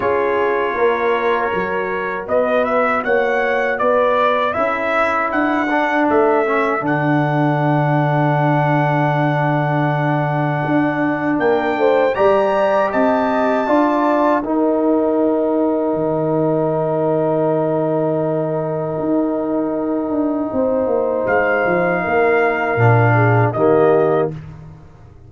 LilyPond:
<<
  \new Staff \with { instrumentName = "trumpet" } { \time 4/4 \tempo 4 = 79 cis''2. dis''8 e''8 | fis''4 d''4 e''4 fis''4 | e''4 fis''2.~ | fis''2. g''4 |
ais''4 a''2 g''4~ | g''1~ | g''1 | f''2. dis''4 | }
  \new Staff \with { instrumentName = "horn" } { \time 4/4 gis'4 ais'2 b'4 | cis''4 b'4 a'2~ | a'1~ | a'2. ais'8 c''8 |
d''4 dis''4 d''4 ais'4~ | ais'1~ | ais'2. c''4~ | c''4 ais'4. gis'8 g'4 | }
  \new Staff \with { instrumentName = "trombone" } { \time 4/4 f'2 fis'2~ | fis'2 e'4. d'8~ | d'8 cis'8 d'2.~ | d'1 |
g'2 f'4 dis'4~ | dis'1~ | dis'1~ | dis'2 d'4 ais4 | }
  \new Staff \with { instrumentName = "tuba" } { \time 4/4 cis'4 ais4 fis4 b4 | ais4 b4 cis'4 d'4 | a4 d2.~ | d2 d'4 ais8 a8 |
g4 c'4 d'4 dis'4~ | dis'4 dis2.~ | dis4 dis'4. d'8 c'8 ais8 | gis8 f8 ais4 ais,4 dis4 | }
>>